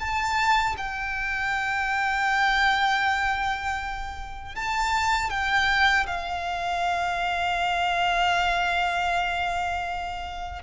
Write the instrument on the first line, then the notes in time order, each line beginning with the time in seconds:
violin
0.00 A5
0.78 G5
4.56 A5
5.31 G5
6.07 F5